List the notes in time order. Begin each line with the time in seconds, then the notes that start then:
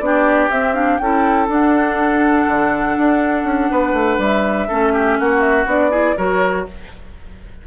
0.00 B3 D4 G4 D5
0.51 C4 E5
0.74 D4 F5
0.98 C#4 E4 A4 G5
1.48 D4 F#5
2.48 D3
2.98 D4
3.44 C#4
3.71 B3 B4
3.93 A3
4.18 G3 E5
4.68 A3 C#4 A4
4.93 G4
5.20 A#3 F#4 F#5
5.41 E5
5.66 B3 D4 D5
5.91 E4 G#4
6.18 F#3 F#4 A#4 C#5